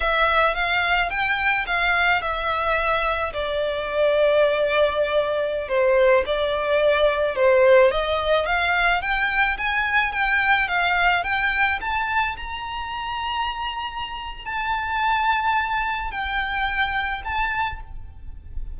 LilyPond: \new Staff \with { instrumentName = "violin" } { \time 4/4 \tempo 4 = 108 e''4 f''4 g''4 f''4 | e''2 d''2~ | d''2~ d''16 c''4 d''8.~ | d''4~ d''16 c''4 dis''4 f''8.~ |
f''16 g''4 gis''4 g''4 f''8.~ | f''16 g''4 a''4 ais''4.~ ais''16~ | ais''2 a''2~ | a''4 g''2 a''4 | }